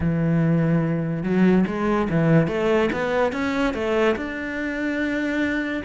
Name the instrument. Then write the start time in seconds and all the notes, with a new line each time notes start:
cello
0.00 E3
1.23 F#3
1.67 G#3
2.10 E3
2.47 A3
2.92 B3
3.32 C#4
3.73 A3
4.16 D4